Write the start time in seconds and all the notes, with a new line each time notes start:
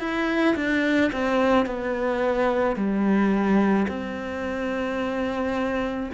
0.00 E4
0.56 D4
1.12 C4
1.66 B3
2.76 G3
3.88 C4